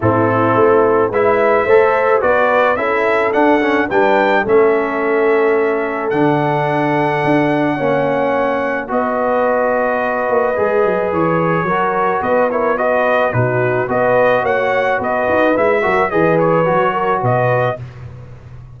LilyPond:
<<
  \new Staff \with { instrumentName = "trumpet" } { \time 4/4 \tempo 4 = 108 a'2 e''2 | d''4 e''4 fis''4 g''4 | e''2. fis''4~ | fis''1 |
dis''1 | cis''2 dis''8 cis''8 dis''4 | b'4 dis''4 fis''4 dis''4 | e''4 dis''8 cis''4. dis''4 | }
  \new Staff \with { instrumentName = "horn" } { \time 4/4 e'2 b'4 c''4 | b'4 a'2 b'4 | a'1~ | a'2 cis''2 |
b'1~ | b'4 ais'4 b'8 ais'8 b'4 | fis'4 b'4 cis''4 b'4~ | b'8 ais'8 b'4. ais'8 b'4 | }
  \new Staff \with { instrumentName = "trombone" } { \time 4/4 c'2 e'4 a'4 | fis'4 e'4 d'8 cis'8 d'4 | cis'2. d'4~ | d'2 cis'2 |
fis'2. gis'4~ | gis'4 fis'4. e'8 fis'4 | dis'4 fis'2. | e'8 fis'8 gis'4 fis'2 | }
  \new Staff \with { instrumentName = "tuba" } { \time 4/4 a,4 a4 gis4 a4 | b4 cis'4 d'4 g4 | a2. d4~ | d4 d'4 ais2 |
b2~ b8 ais8 gis8 fis8 | e4 fis4 b2 | b,4 b4 ais4 b8 dis'8 | gis8 fis8 e4 fis4 b,4 | }
>>